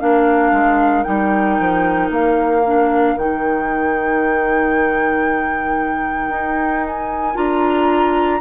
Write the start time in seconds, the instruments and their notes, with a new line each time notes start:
0.00 bassoon A#3, clarinet D4, oboe A#4, flute F5
0.52 bassoon G#3
1.04 bassoon G3, clarinet D#4, flute G5
1.60 bassoon F3
2.10 bassoon A#3, flute F5
2.67 clarinet D4
3.16 bassoon D#3, clarinet D#4, flute G5
6.29 bassoon D#4
6.87 flute G#5
7.35 bassoon D4, clarinet F4, flute A#5